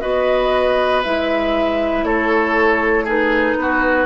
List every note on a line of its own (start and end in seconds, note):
0.00 1.05 B3
0.00 1.02 F#4
0.00 2.04 B4
0.00 1.02 D#5
1.02 2.03 G#3
1.02 3.07 E4
1.02 2.04 E5
2.03 3.55 A3
2.03 3.04 A4
2.03 3.06 C#5
3.04 4.06 D#4
3.04 3.55 G#4
3.04 4.06 B4
3.56 4.06 B3
3.56 4.06 F#4